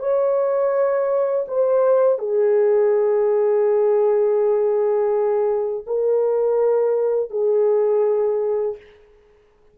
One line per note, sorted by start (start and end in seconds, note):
0.00 1.46 C#5
1.48 2.19 C5
2.19 5.85 G#4
5.87 7.31 A#4
7.31 8.77 G#4